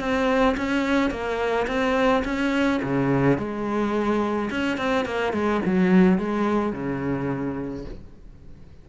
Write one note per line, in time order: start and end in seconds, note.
0.00 0.56 C4
0.57 1.11 C#4
1.11 1.67 A#3
1.67 2.24 C4
2.25 2.81 C#4
2.83 3.38 C#3
3.38 4.50 G#3
4.51 4.78 C#4
4.78 5.06 C4
5.06 5.33 A#3
5.33 5.61 G#3
5.66 6.18 F#3
6.18 6.73 G#3
6.73 7.85 C#3